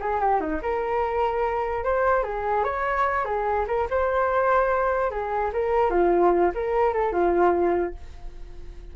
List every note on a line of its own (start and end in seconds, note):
0.00 0.20 G#4
0.20 0.40 G4
0.40 0.61 D#4
0.62 1.84 A#4
1.84 2.23 C5
2.23 2.63 G#4
2.63 3.25 C#5
3.25 3.65 G#4
3.67 3.88 A#4
3.90 5.10 C5
5.10 5.51 G#4
5.53 5.90 A#4
5.90 6.51 F4
6.54 6.93 A#4
6.93 7.12 A4
7.12 7.94 F4